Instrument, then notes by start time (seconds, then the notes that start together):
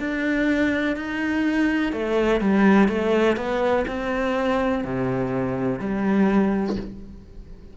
cello
0.00 D4
0.97 D#4
1.93 A3
2.41 G3
2.89 A3
3.37 B3
3.88 C4
4.85 C3
5.80 G3